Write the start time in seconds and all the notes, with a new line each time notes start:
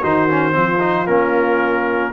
0.00 D#3 D#4 F#4 C5
0.30 C#4
0.52 F3 C4 F4
0.80 D#4
1.07 A#3 C#4 A#4